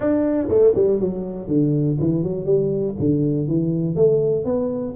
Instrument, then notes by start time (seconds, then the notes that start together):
tuba
0.00 D4
0.48 A3
0.75 G3
1.00 F#3
1.47 D3
1.99 E3
2.23 F#3
2.45 G3
2.99 D3
3.47 E3
3.95 A3
4.44 B3